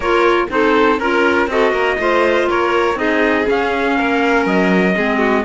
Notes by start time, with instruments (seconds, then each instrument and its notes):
0.00 cello A#3, clarinet F4, violin A#4, trumpet C#5
0.48 cello C4, clarinet D#4, violin A4, trumpet C5
0.99 cello C#4, clarinet F4, violin A#4, trumpet A#4
1.47 cello C4, clarinet F#4, violin A4, trumpet D#5
1.71 cello A#3, violin A#4
1.98 cello A3, clarinet F4, violin C5
2.48 cello A#3, violin A#4, trumpet C#5
2.94 cello C4, clarinet D#4, violin G#4, trumpet D#5
3.46 clarinet C#4, cello C#4, trumpet F5
3.95 cello A#3, violin A#4
4.45 cello F#3, trumpet D#5
4.95 cello G#3, clarinet C4, violin G#4
5.18 violin F#4